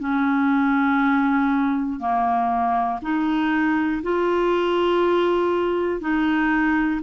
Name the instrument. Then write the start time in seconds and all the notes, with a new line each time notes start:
clarinet
0.00 C#4
2.00 A#3
3.02 D#4
4.03 F4
6.01 D#4